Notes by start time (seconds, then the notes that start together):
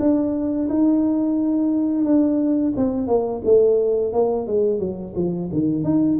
0.00 D4
0.70 D#4
2.05 D4
2.76 C4
3.08 A#3
3.45 A3
4.13 A#3
4.47 G#3
4.80 F#3
5.16 F3
5.53 D#3
5.84 D#4